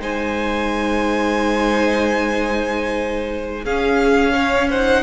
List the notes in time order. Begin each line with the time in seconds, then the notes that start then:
0.00 G#3 D#4 C5 G#5
3.64 C#4 G#4 F5
4.34 C#5
4.70 D#4 C5 F#5